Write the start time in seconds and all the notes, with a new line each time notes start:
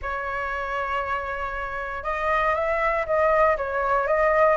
0.02 C#5
2.03 D#5
2.54 E5
3.06 D#5
3.57 C#5
4.07 D#5